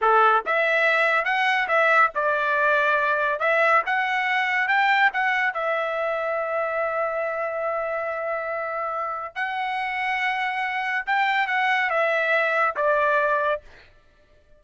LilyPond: \new Staff \with { instrumentName = "trumpet" } { \time 4/4 \tempo 4 = 141 a'4 e''2 fis''4 | e''4 d''2. | e''4 fis''2 g''4 | fis''4 e''2.~ |
e''1~ | e''2 fis''2~ | fis''2 g''4 fis''4 | e''2 d''2 | }